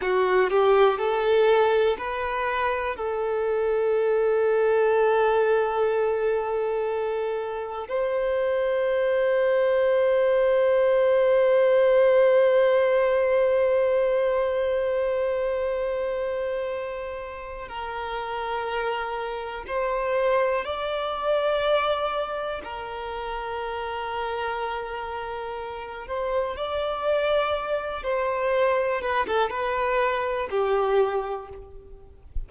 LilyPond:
\new Staff \with { instrumentName = "violin" } { \time 4/4 \tempo 4 = 61 fis'8 g'8 a'4 b'4 a'4~ | a'1 | c''1~ | c''1~ |
c''2 ais'2 | c''4 d''2 ais'4~ | ais'2~ ais'8 c''8 d''4~ | d''8 c''4 b'16 a'16 b'4 g'4 | }